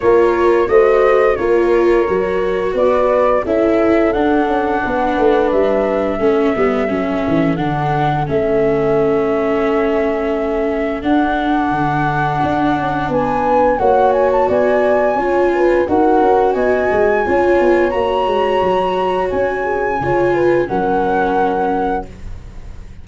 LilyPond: <<
  \new Staff \with { instrumentName = "flute" } { \time 4/4 \tempo 4 = 87 cis''4 dis''4 cis''2 | d''4 e''4 fis''2 | e''2. fis''4 | e''1 |
fis''2. gis''4 | fis''8 gis''16 a''16 gis''2 fis''4 | gis''2 ais''2 | gis''2 fis''2 | }
  \new Staff \with { instrumentName = "horn" } { \time 4/4 ais'4 c''4 ais'2 | b'4 a'2 b'4~ | b'4 a'2.~ | a'1~ |
a'2. b'4 | cis''4 d''4 cis''8 b'8 ais'4 | dis''4 cis''2.~ | cis''8 gis'8 cis''8 b'8 ais'2 | }
  \new Staff \with { instrumentName = "viola" } { \time 4/4 f'4 fis'4 f'4 fis'4~ | fis'4 e'4 d'2~ | d'4 cis'8 b8 cis'4 d'4 | cis'1 |
d'1 | fis'2 f'4 fis'4~ | fis'4 f'4 fis'2~ | fis'4 f'4 cis'2 | }
  \new Staff \with { instrumentName = "tuba" } { \time 4/4 ais4 a4 ais4 fis4 | b4 cis'4 d'8 cis'8 b8 a8 | g4 a8 g8 fis8 e8 d4 | a1 |
d'4 d4 d'8 cis'8 b4 | ais4 b4 cis'4 dis'8 cis'8 | b8 gis8 cis'8 b8 ais8 gis8 fis4 | cis'4 cis4 fis2 | }
>>